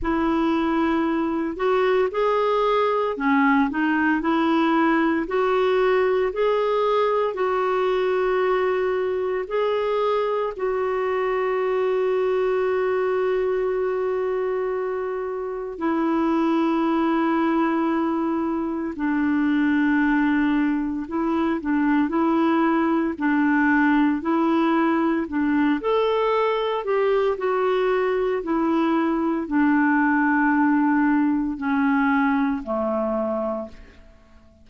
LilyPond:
\new Staff \with { instrumentName = "clarinet" } { \time 4/4 \tempo 4 = 57 e'4. fis'8 gis'4 cis'8 dis'8 | e'4 fis'4 gis'4 fis'4~ | fis'4 gis'4 fis'2~ | fis'2. e'4~ |
e'2 d'2 | e'8 d'8 e'4 d'4 e'4 | d'8 a'4 g'8 fis'4 e'4 | d'2 cis'4 a4 | }